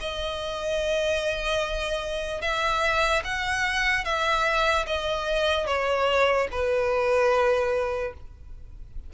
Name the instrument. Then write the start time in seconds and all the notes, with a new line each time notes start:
violin
0.00 D#5
2.42 E5
3.24 F#5
4.05 E5
4.87 D#5
5.67 C#5
6.52 B4